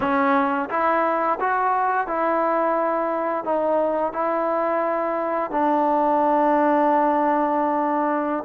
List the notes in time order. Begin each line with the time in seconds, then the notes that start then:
0.00 C#4
0.69 E4
1.39 F#4
2.07 E4
3.44 D#4
4.13 E4
5.50 D4